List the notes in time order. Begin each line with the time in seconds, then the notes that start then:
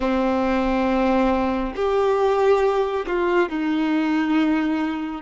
0.00 C4
1.75 G4
3.07 F4
3.49 D#4